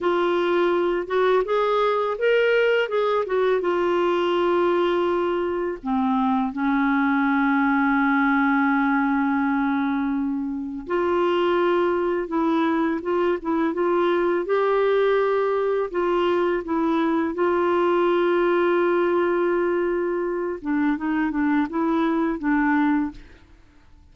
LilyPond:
\new Staff \with { instrumentName = "clarinet" } { \time 4/4 \tempo 4 = 83 f'4. fis'8 gis'4 ais'4 | gis'8 fis'8 f'2. | c'4 cis'2.~ | cis'2. f'4~ |
f'4 e'4 f'8 e'8 f'4 | g'2 f'4 e'4 | f'1~ | f'8 d'8 dis'8 d'8 e'4 d'4 | }